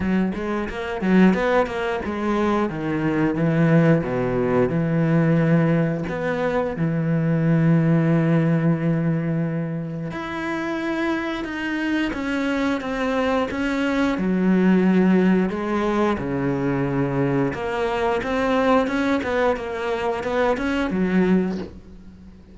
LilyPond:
\new Staff \with { instrumentName = "cello" } { \time 4/4 \tempo 4 = 89 fis8 gis8 ais8 fis8 b8 ais8 gis4 | dis4 e4 b,4 e4~ | e4 b4 e2~ | e2. e'4~ |
e'4 dis'4 cis'4 c'4 | cis'4 fis2 gis4 | cis2 ais4 c'4 | cis'8 b8 ais4 b8 cis'8 fis4 | }